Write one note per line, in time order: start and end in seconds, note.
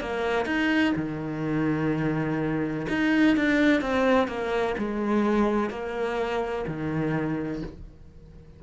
0.00 0.45 A#3
0.45 0.93 D#4
0.96 2.87 D#3
2.89 3.36 D#4
3.36 3.81 D4
3.81 4.27 C4
4.27 4.75 A#3
4.78 5.70 G#3
5.70 6.65 A#3
6.67 7.62 D#3